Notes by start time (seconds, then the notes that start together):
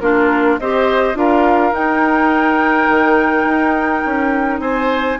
0.00 A#3 D4 F4 A#4
0.59 C4 G4 C5 D#5
1.15 D4 F4 A#4 F5
1.72 D#4 G5
2.89 D#3
3.44 D#4
4.06 C#4
4.60 C4 C5 G#5